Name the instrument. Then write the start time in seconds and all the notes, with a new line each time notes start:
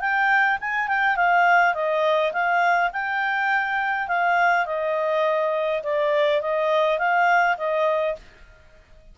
clarinet
0.00 G5
0.61 G#5
0.88 G5
1.16 F5
1.74 D#5
2.32 F5
2.93 G5
4.08 F5
4.66 D#5
5.83 D5
6.42 D#5
6.98 F5
7.58 D#5